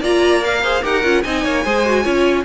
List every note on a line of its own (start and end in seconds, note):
0.00 0.82 A#3
0.00 0.42 F4
0.00 0.61 D5
0.00 0.43 A#5
0.42 0.62 A#4
0.42 0.84 F5
0.62 0.82 G#4
0.62 0.82 C5
0.82 1.03 D#4
0.82 1.03 G4
0.82 1.23 A#4
0.82 1.22 F#5
1.03 1.23 C#4
1.03 1.24 F4
1.22 1.44 C4
1.22 1.65 D#4
1.22 1.44 D#5
1.22 2.44 G#5
1.44 1.65 A#3
1.44 1.64 C#5
1.64 2.05 G#3
1.64 1.85 G#4
1.64 2.03 C5
1.85 2.03 F#4
2.03 2.44 C#4
2.03 2.44 F4
2.03 2.43 C#5